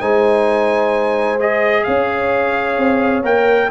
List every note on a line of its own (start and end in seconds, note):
0.00 1.86 G#3
0.00 1.39 D#4
0.00 1.85 C5
0.00 1.39 G#5
1.40 3.23 G#4
1.40 1.84 D#5
1.84 2.78 C#4
1.84 3.71 C#5
1.84 3.22 F5
2.78 3.24 C4
3.23 3.70 A#3
3.23 3.70 A#4
3.23 3.71 G5